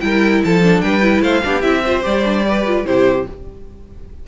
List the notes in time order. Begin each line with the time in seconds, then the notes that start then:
0.00 G3 E4 A#4 G5
0.44 F3 A4 A5
0.62 D4
0.81 G3 B4 G5
1.01 E4
1.22 A3 C5 F5
1.43 B3 D4 G4
1.61 C4 E4 E5
1.85 F4 C5
2.02 G3 G4 D5
2.24 D4
2.47 G4 B4
2.66 F4
2.85 C3 E4 G4 C5